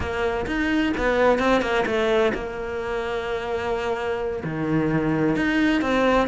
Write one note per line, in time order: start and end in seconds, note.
0.00 0.45 A#3
0.46 0.93 D#4
0.97 1.38 B3
1.38 1.61 C4
1.61 1.85 A#3
1.86 2.32 A3
2.33 4.43 A#3
4.43 5.36 D#3
5.36 5.81 D#4
5.81 6.27 C4